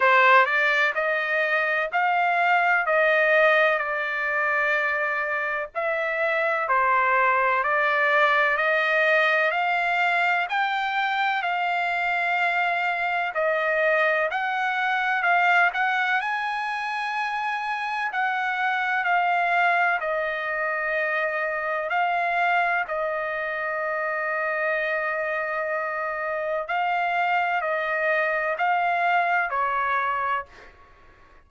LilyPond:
\new Staff \with { instrumentName = "trumpet" } { \time 4/4 \tempo 4 = 63 c''8 d''8 dis''4 f''4 dis''4 | d''2 e''4 c''4 | d''4 dis''4 f''4 g''4 | f''2 dis''4 fis''4 |
f''8 fis''8 gis''2 fis''4 | f''4 dis''2 f''4 | dis''1 | f''4 dis''4 f''4 cis''4 | }